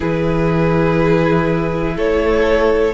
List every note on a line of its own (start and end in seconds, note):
0.00 1.97 E3
0.00 2.94 E4
0.00 1.94 G#4
0.00 1.97 B4
1.95 2.94 A3
1.95 2.94 A4
1.95 2.94 C#5